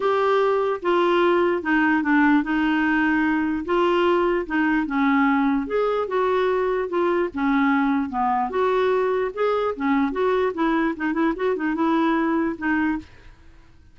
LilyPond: \new Staff \with { instrumentName = "clarinet" } { \time 4/4 \tempo 4 = 148 g'2 f'2 | dis'4 d'4 dis'2~ | dis'4 f'2 dis'4 | cis'2 gis'4 fis'4~ |
fis'4 f'4 cis'2 | b4 fis'2 gis'4 | cis'4 fis'4 e'4 dis'8 e'8 | fis'8 dis'8 e'2 dis'4 | }